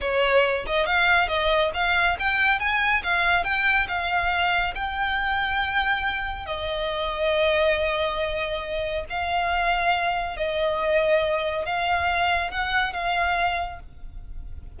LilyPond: \new Staff \with { instrumentName = "violin" } { \time 4/4 \tempo 4 = 139 cis''4. dis''8 f''4 dis''4 | f''4 g''4 gis''4 f''4 | g''4 f''2 g''4~ | g''2. dis''4~ |
dis''1~ | dis''4 f''2. | dis''2. f''4~ | f''4 fis''4 f''2 | }